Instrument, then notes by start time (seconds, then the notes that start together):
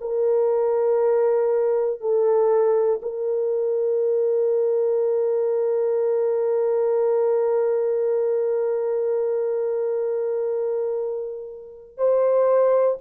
horn
0.00 A#4
2.00 A4
3.02 A#4
11.97 C5